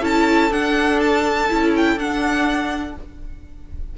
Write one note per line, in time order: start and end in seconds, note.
0.00 0.51 C#4
0.00 0.50 E4
0.00 2.95 A4
0.00 0.52 A5
0.51 1.49 D4
0.51 1.00 F#5
1.00 1.73 A5
1.49 1.96 C#4
1.49 1.98 E4
1.76 1.99 G5
1.96 2.94 D4
1.96 2.98 D4
1.96 2.97 F#5